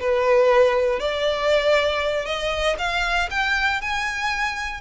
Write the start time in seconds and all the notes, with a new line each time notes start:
0.00 B4
0.99 D5
2.25 D#5
2.78 F5
3.30 G5
3.81 G#5